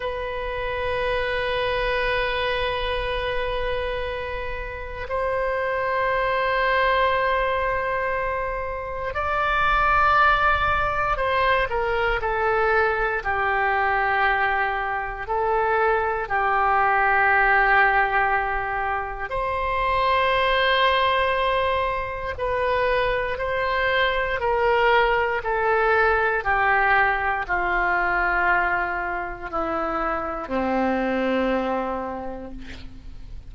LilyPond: \new Staff \with { instrumentName = "oboe" } { \time 4/4 \tempo 4 = 59 b'1~ | b'4 c''2.~ | c''4 d''2 c''8 ais'8 | a'4 g'2 a'4 |
g'2. c''4~ | c''2 b'4 c''4 | ais'4 a'4 g'4 f'4~ | f'4 e'4 c'2 | }